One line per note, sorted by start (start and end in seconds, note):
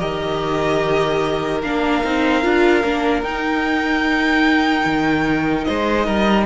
0.00 1.63 D#3
0.00 1.62 G4
0.00 5.68 A#4
0.00 1.62 D#5
1.62 2.04 A#3
1.62 2.05 D4
1.62 3.23 F5
2.04 2.45 C4
2.04 2.43 D#4
2.43 2.84 D4
2.43 2.84 F4
2.84 3.23 A#3
2.84 3.24 D4
3.23 4.85 D#4
3.23 6.46 D#4
3.23 5.65 G5
4.85 5.66 D#3
5.65 6.08 G#3
5.65 6.06 C5
5.65 6.46 D#5
6.06 6.46 G3
6.06 6.46 A#4